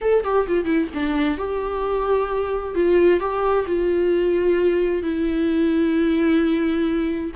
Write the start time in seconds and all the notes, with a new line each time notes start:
0.01 A4
0.24 G4
0.47 F4
0.65 E4
0.93 D4
1.37 G4
2.74 F4
3.20 G4
3.66 F4
5.02 E4